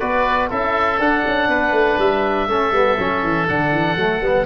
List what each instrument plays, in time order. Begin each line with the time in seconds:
0.00 tuba B3, trombone F#4, oboe B4 D5
0.50 tuba C#4, trombone E4, oboe A4 E5
0.99 tuba D4, trombone D4, oboe F#5
1.27 tuba C#4
1.49 tuba B3, oboe B4
1.72 tuba A3
1.99 tuba G3, oboe E5
2.48 tuba A3, trombone C#4, oboe A4
2.72 tuba G3, trombone B3
2.99 tuba F#3, trombone C#4
3.24 tuba E3
3.48 tuba D3, trombone D4, oboe F#5
3.72 tuba E3
3.96 tuba F#3, trombone A3
4.21 tuba G3, trombone B3